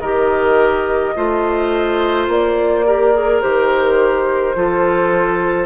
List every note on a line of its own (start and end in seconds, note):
0.00 1.14 D#3
0.00 1.15 G4
0.00 1.14 A#4
0.00 2.26 D#5
1.15 2.28 A3
1.15 2.85 F4
1.15 2.86 C5
2.28 3.41 A#3
2.28 3.42 D5
2.85 3.14 G4
2.85 4.56 A#4
3.14 3.42 G#4
3.42 4.55 D#3
3.42 4.55 G4
3.42 5.66 C5
4.55 5.66 F3
4.55 5.66 F4
4.55 5.66 A4